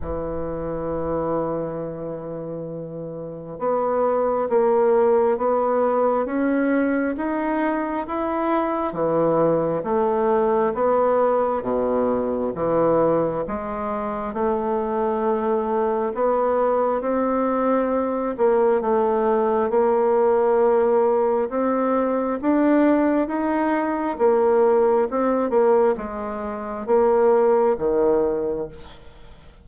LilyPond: \new Staff \with { instrumentName = "bassoon" } { \time 4/4 \tempo 4 = 67 e1 | b4 ais4 b4 cis'4 | dis'4 e'4 e4 a4 | b4 b,4 e4 gis4 |
a2 b4 c'4~ | c'8 ais8 a4 ais2 | c'4 d'4 dis'4 ais4 | c'8 ais8 gis4 ais4 dis4 | }